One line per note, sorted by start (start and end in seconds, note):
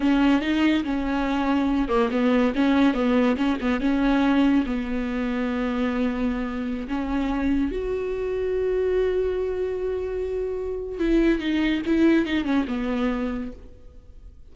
0.00 0.41 C#4
0.41 0.83 D#4
0.84 1.88 C#4
1.88 2.09 A#3
2.10 2.53 B3
2.55 2.94 C#4
2.94 3.36 B3
3.36 3.57 C#4
3.60 3.80 B3
3.80 4.65 C#4
4.66 6.87 B3
6.88 7.71 C#4
7.71 10.99 F#4
10.99 11.39 E4
11.39 11.81 D#4
11.86 12.25 E4
12.25 12.44 D#4
12.44 12.65 C#4
12.67 13.52 B3